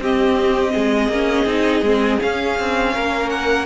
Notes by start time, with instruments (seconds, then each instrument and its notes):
0.00 cello C4, viola C4, violin G4 D#5
0.74 cello G#3, violin G#4
1.09 cello A#3, viola C#4
1.46 cello C4, viola D#4
1.82 cello G#3, viola C4
2.20 viola C#4, cello C#4, violin F5
2.60 cello C4
2.94 cello A#3, violin A#4
3.30 violin F#5